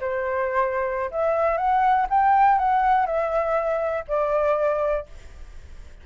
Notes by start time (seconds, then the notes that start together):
0.00 C5
1.11 E5
1.57 F#5
2.10 G5
2.58 F#5
3.06 E5
4.08 D5